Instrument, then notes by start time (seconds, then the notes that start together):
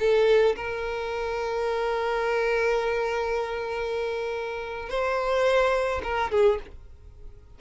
violin
0.00 A4
0.56 A#4
4.90 C5
6.04 A#4
6.32 G#4